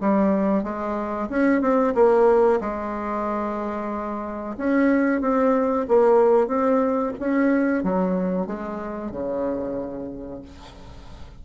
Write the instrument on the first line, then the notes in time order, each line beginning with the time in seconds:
bassoon
0.00 G3
0.63 G#3
1.29 C#4
1.61 C4
1.94 A#3
2.60 G#3
4.57 C#4
5.21 C4
5.88 A#3
6.47 C4
7.19 C#4
7.83 F#3
8.46 G#3
9.11 C#3